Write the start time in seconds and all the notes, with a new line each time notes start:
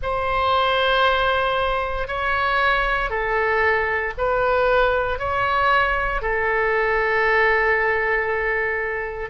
0.02 C5
2.07 C#5
3.09 A4
4.17 B4
5.18 C#5
6.21 A4